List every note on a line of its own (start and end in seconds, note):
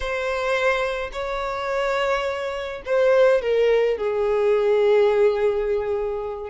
0.00 1.10 C5
1.12 2.82 C#5
2.85 3.41 C5
3.41 3.97 A#4
3.97 6.49 G#4